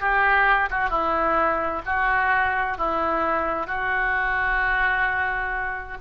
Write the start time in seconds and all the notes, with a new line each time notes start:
0.00 G4
0.71 F#4
0.90 E4
1.86 F#4
2.78 E4
3.67 F#4